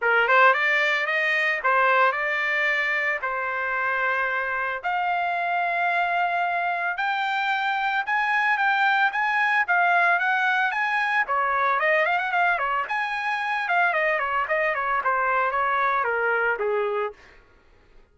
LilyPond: \new Staff \with { instrumentName = "trumpet" } { \time 4/4 \tempo 4 = 112 ais'8 c''8 d''4 dis''4 c''4 | d''2 c''2~ | c''4 f''2.~ | f''4 g''2 gis''4 |
g''4 gis''4 f''4 fis''4 | gis''4 cis''4 dis''8 f''16 fis''16 f''8 cis''8 | gis''4. f''8 dis''8 cis''8 dis''8 cis''8 | c''4 cis''4 ais'4 gis'4 | }